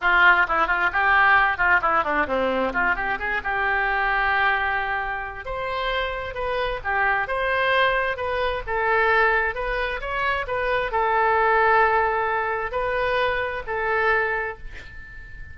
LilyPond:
\new Staff \with { instrumentName = "oboe" } { \time 4/4 \tempo 4 = 132 f'4 e'8 f'8 g'4. f'8 | e'8 d'8 c'4 f'8 g'8 gis'8 g'8~ | g'1 | c''2 b'4 g'4 |
c''2 b'4 a'4~ | a'4 b'4 cis''4 b'4 | a'1 | b'2 a'2 | }